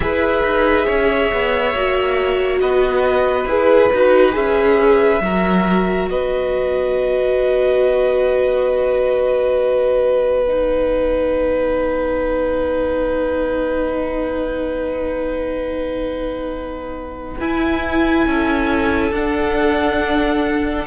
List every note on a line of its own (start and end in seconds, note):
0.00 0.42 E4
0.00 1.72 G#4
0.00 0.85 B4
0.00 2.57 E5
0.43 0.86 D#4
0.85 1.32 C#4
0.85 2.59 C#5
1.32 1.74 B3
1.74 2.61 A#3
1.74 3.48 F#4
2.60 3.45 B3
2.60 5.22 B4
2.60 3.47 D#5
3.45 3.88 E4
3.45 3.91 G#4
3.45 4.34 B4
3.93 4.35 D#4
3.93 4.32 F#4
4.32 5.20 C#4
4.32 5.18 G#4
4.32 6.08 E5
5.20 6.06 F#3
5.20 10.45 F#4
5.20 6.10 A#4
6.06 17.37 B3
6.06 18.27 B4
6.06 10.43 D#5
10.43 17.39 D#4
10.43 17.39 F#5
17.39 19.13 E4
17.39 18.26 E4
17.39 19.13 G#5
18.26 19.11 C#4
18.26 20.86 A4
19.11 20.85 D4
19.11 20.86 D4
19.11 20.86 F#5